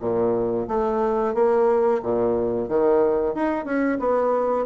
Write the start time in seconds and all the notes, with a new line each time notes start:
0.00 A#2
0.68 A3
1.34 A#3
2.02 A#2
2.68 D#3
3.35 D#4
3.65 C#4
3.99 B3